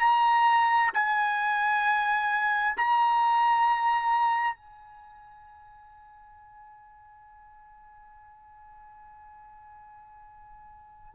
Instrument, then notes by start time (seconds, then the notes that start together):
trumpet
0.00 A#5
0.94 G#5
2.77 A#5
4.56 G#5